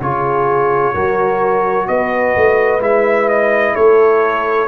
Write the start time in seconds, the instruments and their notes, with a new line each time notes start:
0.00 tuba C#3, trombone F4, horn G#4, trumpet C#5
0.93 tuba F#3, trombone F#4, horn A#4
1.87 tuba B3, horn B4, trumpet D#5
2.36 tuba A3
2.79 tuba G#3, trombone E4, trumpet E5
3.29 trumpet D#5
3.75 tuba A3, horn A4, trumpet C#5